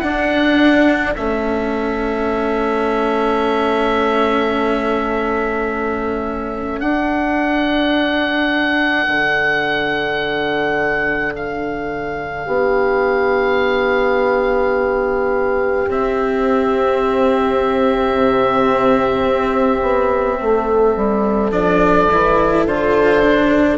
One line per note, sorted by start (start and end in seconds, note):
0.00 1.16 D4
0.00 12.46 A4
0.00 1.13 F#5
1.16 6.81 A3
1.16 6.83 C#4
1.16 6.80 E5
6.80 9.07 D4
6.80 15.89 D4
6.80 11.33 F#5
9.08 12.47 D3
11.36 15.89 F5
12.46 15.87 B3
12.46 20.38 G4
15.88 18.14 C4
15.88 21.52 C4
15.88 21.52 E5
18.14 19.25 C3
19.25 19.81 C4
19.82 20.39 B3
20.40 20.96 A3
20.40 23.78 A4
20.96 21.52 G3
21.52 22.08 F3
21.52 22.08 D4
21.52 22.65 D5
22.12 22.66 E3
22.12 22.68 E4
22.66 23.78 D3
22.66 23.23 F4
22.66 23.78 C5
23.23 23.78 D4